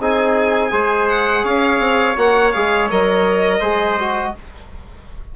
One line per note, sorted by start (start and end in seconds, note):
0.00 0.72 C4
0.00 0.71 D#4
0.00 0.73 G#4
0.00 1.09 G#5
0.71 1.44 G#3
0.71 2.15 G#4
0.71 1.44 C5
1.09 1.45 F#5
1.44 1.80 C#4
1.44 3.60 C#5
1.44 2.17 F5
1.80 2.16 C4
2.17 2.54 A#3
2.17 2.53 F#4
2.17 2.52 F#5
2.52 2.91 G#3
2.52 2.91 G#4
2.52 2.89 F5
2.91 3.62 F#3
2.91 3.63 A#4
2.91 4.36 D#5
3.60 4.34 G#3
3.60 3.99 G#4
3.60 4.32 C5
4.00 4.36 F#4